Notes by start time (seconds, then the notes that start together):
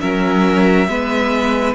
0.00 F#3 C#4 A#4 E5
0.87 G#3 B3 B4